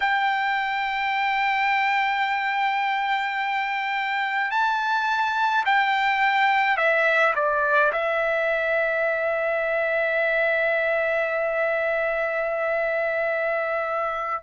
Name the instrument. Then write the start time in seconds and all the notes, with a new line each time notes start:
trumpet
0.00 G5
4.50 A5
5.65 G5
6.77 E5
7.35 D5
7.92 E5